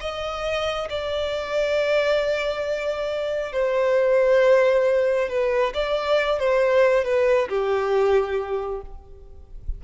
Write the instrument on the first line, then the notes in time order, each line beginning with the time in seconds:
violin
0.00 D#5
0.90 D5
3.52 C5
5.29 B4
5.74 D5
6.39 C5
7.04 B4
7.49 G4